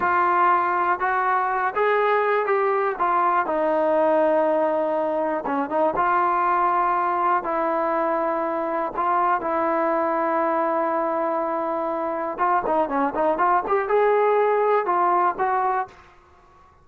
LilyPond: \new Staff \with { instrumentName = "trombone" } { \time 4/4 \tempo 4 = 121 f'2 fis'4. gis'8~ | gis'4 g'4 f'4 dis'4~ | dis'2. cis'8 dis'8 | f'2. e'4~ |
e'2 f'4 e'4~ | e'1~ | e'4 f'8 dis'8 cis'8 dis'8 f'8 g'8 | gis'2 f'4 fis'4 | }